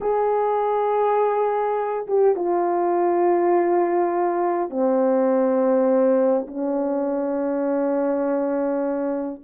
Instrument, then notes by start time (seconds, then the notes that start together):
horn
0.00 G#4
2.07 G4
2.35 F4
4.70 C4
6.47 C#4